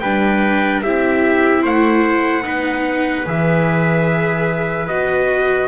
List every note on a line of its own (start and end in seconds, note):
0.00 0.83 G3
0.00 0.85 D4
0.00 0.82 B4
0.00 0.81 G5
0.82 1.64 C4
0.82 2.43 E4
0.82 1.62 G4
0.82 1.63 E5
1.62 2.44 A3
1.62 2.43 C5
1.62 3.28 F#5
2.43 3.25 B3
2.43 3.24 D#4
2.43 5.68 B4
3.26 4.87 E3
3.26 4.88 G#4
3.26 4.87 E5
4.87 5.68 B3
4.87 5.68 F#4
4.87 5.68 D#5